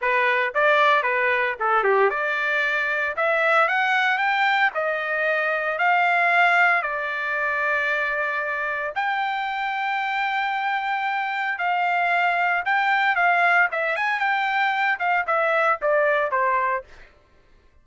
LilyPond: \new Staff \with { instrumentName = "trumpet" } { \time 4/4 \tempo 4 = 114 b'4 d''4 b'4 a'8 g'8 | d''2 e''4 fis''4 | g''4 dis''2 f''4~ | f''4 d''2.~ |
d''4 g''2.~ | g''2 f''2 | g''4 f''4 e''8 gis''8 g''4~ | g''8 f''8 e''4 d''4 c''4 | }